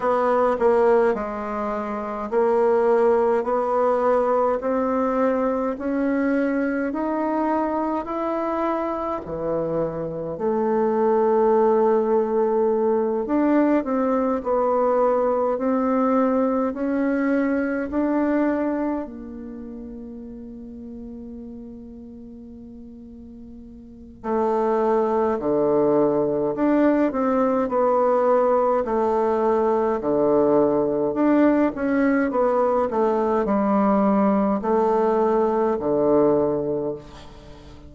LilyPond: \new Staff \with { instrumentName = "bassoon" } { \time 4/4 \tempo 4 = 52 b8 ais8 gis4 ais4 b4 | c'4 cis'4 dis'4 e'4 | e4 a2~ a8 d'8 | c'8 b4 c'4 cis'4 d'8~ |
d'8 ais2.~ ais8~ | ais4 a4 d4 d'8 c'8 | b4 a4 d4 d'8 cis'8 | b8 a8 g4 a4 d4 | }